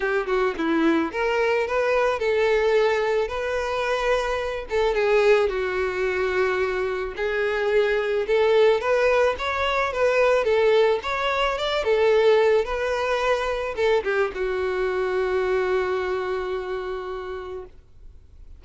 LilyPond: \new Staff \with { instrumentName = "violin" } { \time 4/4 \tempo 4 = 109 g'8 fis'8 e'4 ais'4 b'4 | a'2 b'2~ | b'8 a'8 gis'4 fis'2~ | fis'4 gis'2 a'4 |
b'4 cis''4 b'4 a'4 | cis''4 d''8 a'4. b'4~ | b'4 a'8 g'8 fis'2~ | fis'1 | }